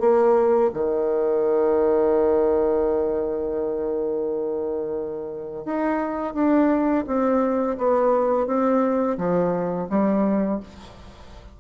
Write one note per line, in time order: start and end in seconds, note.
0.00 0.71 A#3
0.74 5.65 D#3
5.65 6.34 D#4
6.34 7.05 D4
7.07 7.77 C4
7.78 8.47 B3
8.47 9.18 C4
9.18 9.89 F3
9.90 10.60 G3